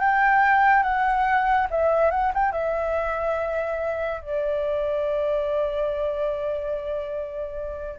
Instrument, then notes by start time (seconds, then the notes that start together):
flute
0.00 G5
0.83 F#5
1.71 E5
2.11 F#5
2.34 G5
2.52 E5
4.21 D5